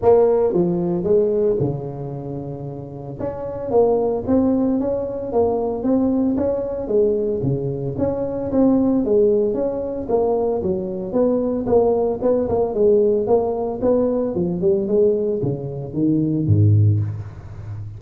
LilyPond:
\new Staff \with { instrumentName = "tuba" } { \time 4/4 \tempo 4 = 113 ais4 f4 gis4 cis4~ | cis2 cis'4 ais4 | c'4 cis'4 ais4 c'4 | cis'4 gis4 cis4 cis'4 |
c'4 gis4 cis'4 ais4 | fis4 b4 ais4 b8 ais8 | gis4 ais4 b4 f8 g8 | gis4 cis4 dis4 gis,4 | }